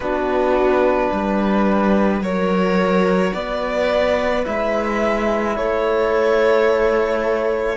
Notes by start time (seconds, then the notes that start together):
0.00 B3 D4 F#4 B4
1.12 G3 B4
2.20 F#3 F#4 A#4 C#5
3.33 B3 B4 D5
4.44 G#3 E4 E5
5.56 A3 A4 C#5